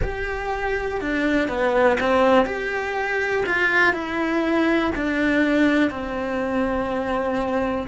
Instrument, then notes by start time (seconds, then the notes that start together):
cello
0.02 G4
1.01 D4
1.48 B3
2.00 C4
2.45 G4
3.46 F4
3.93 E4
4.95 D4
5.90 C4